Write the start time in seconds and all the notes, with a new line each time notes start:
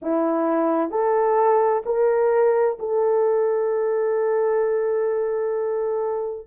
0.02 E4
0.90 A4
1.85 A#4
2.79 A4